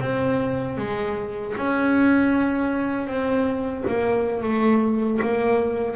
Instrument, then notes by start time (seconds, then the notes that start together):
double bass
0.00 C4
0.77 G#3
1.57 C#4
3.07 C4
3.87 A#3
4.42 A3
5.21 A#3